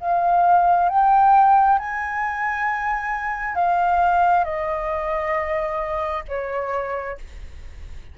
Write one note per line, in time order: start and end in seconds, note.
0.00 0.89 F5
0.89 1.78 G5
1.78 3.55 G#5
3.55 4.44 F5
4.44 6.23 D#5
6.28 7.17 C#5